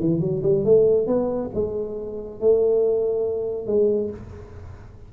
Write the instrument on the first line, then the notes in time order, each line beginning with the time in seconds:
tuba
0.00 E3
0.21 F#3
0.43 G3
0.65 A3
1.07 B3
1.54 G#3
2.40 A3
3.67 G#3